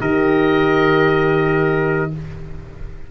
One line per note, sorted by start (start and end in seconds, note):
0.00 2.11 D#3
0.00 2.11 G4
0.00 2.11 A#4
0.00 2.11 D#5